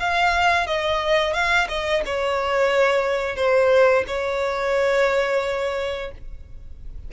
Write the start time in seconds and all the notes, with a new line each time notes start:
0.00 F5
0.67 D#5
1.34 F5
1.69 D#5
2.06 C#5
3.37 C5
4.08 C#5